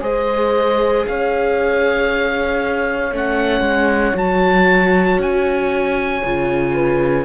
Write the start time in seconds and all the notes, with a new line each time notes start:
0.00 G#3 G#4 C5 D#5
1.07 C#4 C#5 F5
3.12 A3 C#4 F#5
3.60 G#3
4.14 F#3 F#4 A5
5.18 C#4 G#5
6.24 C#3 F4
6.74 B4